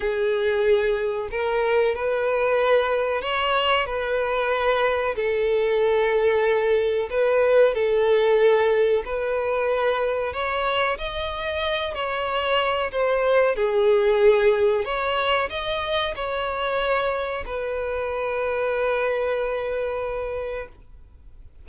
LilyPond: \new Staff \with { instrumentName = "violin" } { \time 4/4 \tempo 4 = 93 gis'2 ais'4 b'4~ | b'4 cis''4 b'2 | a'2. b'4 | a'2 b'2 |
cis''4 dis''4. cis''4. | c''4 gis'2 cis''4 | dis''4 cis''2 b'4~ | b'1 | }